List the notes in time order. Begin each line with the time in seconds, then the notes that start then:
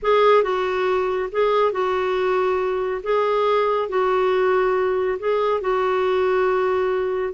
0.02 G#4
0.43 F#4
1.31 G#4
1.71 F#4
3.03 G#4
3.88 F#4
5.19 G#4
5.60 F#4